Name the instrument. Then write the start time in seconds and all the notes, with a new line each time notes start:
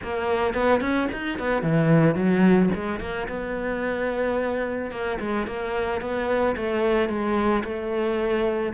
cello
0.03 A#3
0.54 B3
0.80 C#4
1.12 D#4
1.39 B3
1.62 E3
2.15 F#3
2.74 G#3
3.00 A#3
3.28 B3
4.91 A#3
5.20 G#3
5.47 A#3
6.01 B3
6.56 A3
7.08 G#3
7.63 A3